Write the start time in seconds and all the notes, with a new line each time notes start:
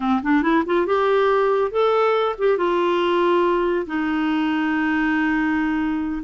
0.00 C4
0.22 D4
0.42 E4
0.65 F4
0.86 G4
1.71 A4
2.38 G4
2.57 F4
3.86 D#4